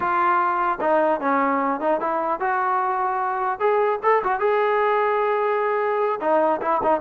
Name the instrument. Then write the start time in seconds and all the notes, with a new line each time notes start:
trombone
0.00 F4
0.80 D#4
1.20 C#4
1.80 D#4
2.00 E4
2.40 F#4
3.59 G#4
4.02 A4
4.23 F#4
4.39 G#4
6.20 D#4
6.61 E4
6.83 D#4